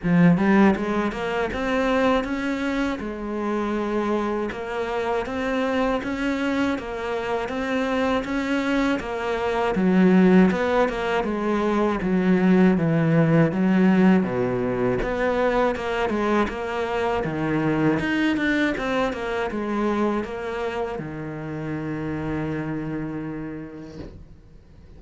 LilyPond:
\new Staff \with { instrumentName = "cello" } { \time 4/4 \tempo 4 = 80 f8 g8 gis8 ais8 c'4 cis'4 | gis2 ais4 c'4 | cis'4 ais4 c'4 cis'4 | ais4 fis4 b8 ais8 gis4 |
fis4 e4 fis4 b,4 | b4 ais8 gis8 ais4 dis4 | dis'8 d'8 c'8 ais8 gis4 ais4 | dis1 | }